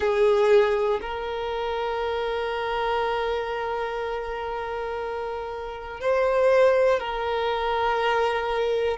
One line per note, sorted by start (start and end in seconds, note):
0.00 1.00 G#4
1.01 6.00 A#4
6.00 6.99 C5
6.99 8.97 A#4